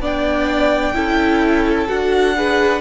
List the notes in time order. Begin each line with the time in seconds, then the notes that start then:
0.00 B3 D4 D5 G5
0.94 C#4 E4 A4
1.88 D4 F#4 F#5
2.36 G#4 B4